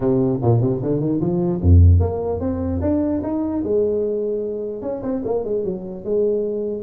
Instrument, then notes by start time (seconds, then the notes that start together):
tuba
0.00 C3
0.42 A#2
0.61 C3
0.81 D3
1.00 D#3
1.20 F3
1.61 F2
2.00 A#3
2.40 C4
2.81 D4
3.22 D#4
3.63 G#3
4.82 C#4
5.03 C4
5.25 A#3
5.44 G#3
5.64 F#3
6.04 G#3